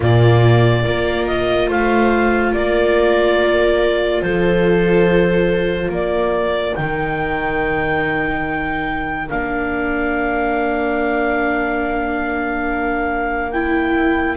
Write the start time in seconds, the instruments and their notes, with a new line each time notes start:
0.00 double bass A#2, viola A#3 F4, clarinet D5
0.84 double bass A#3, viola F4 A#4
1.27 clarinet D#5
1.67 double bass A3, viola C5, clarinet F5
2.52 double bass A#3, viola A#4, clarinet D5
4.21 double bass F3, viola A4, clarinet C5
5.88 double bass A#3, viola A#4, clarinet D5
6.75 double bass D#3, viola D#4, clarinet G5
9.28 double bass A#3, viola D4, clarinet F5
13.51 viola E4, clarinet G5